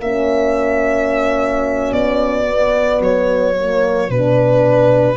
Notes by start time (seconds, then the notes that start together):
0.00 A#3 C#4 F#4 E5
1.91 B3 D5
2.47 B3
3.00 F#3 C#5
3.56 A#3
4.09 B2 D4 B4